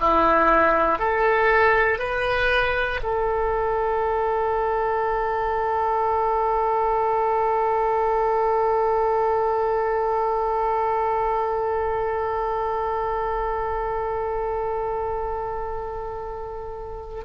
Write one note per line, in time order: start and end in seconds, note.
0.00 0.99 E4
0.99 1.99 A4
1.99 3.00 B4
3.03 17.25 A4